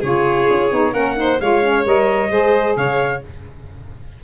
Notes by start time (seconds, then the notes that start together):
0.00 C#3 F4 G#4 C#5
0.50 C#4
0.70 B3 D#4
0.92 A#3 C#4 A#4 F#5
1.15 D#4 C5
1.40 G#3 F4 C#5 F5
1.62 C#4
1.85 G3 A#4 D#5
2.29 G#3 G#4 C5
2.76 C#3 C#5 F5